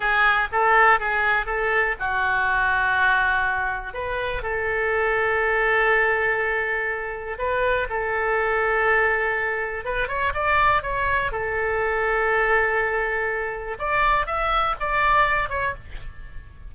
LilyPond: \new Staff \with { instrumentName = "oboe" } { \time 4/4 \tempo 4 = 122 gis'4 a'4 gis'4 a'4 | fis'1 | b'4 a'2.~ | a'2. b'4 |
a'1 | b'8 cis''8 d''4 cis''4 a'4~ | a'1 | d''4 e''4 d''4. cis''8 | }